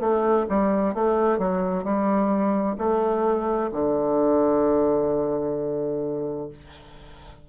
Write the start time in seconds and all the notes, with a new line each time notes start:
0.00 A3
0.49 G3
0.94 A3
1.38 F#3
1.84 G3
2.78 A3
3.72 D3